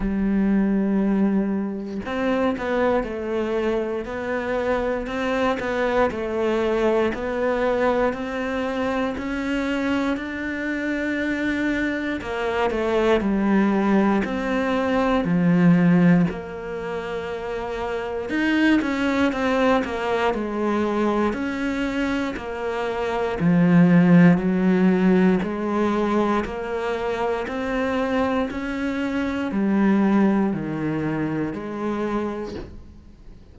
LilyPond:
\new Staff \with { instrumentName = "cello" } { \time 4/4 \tempo 4 = 59 g2 c'8 b8 a4 | b4 c'8 b8 a4 b4 | c'4 cis'4 d'2 | ais8 a8 g4 c'4 f4 |
ais2 dis'8 cis'8 c'8 ais8 | gis4 cis'4 ais4 f4 | fis4 gis4 ais4 c'4 | cis'4 g4 dis4 gis4 | }